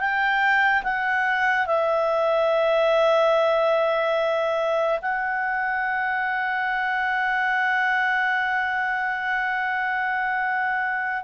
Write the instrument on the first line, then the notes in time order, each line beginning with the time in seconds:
clarinet
0.00 G5
0.84 F#5
1.67 E5
5.02 F#5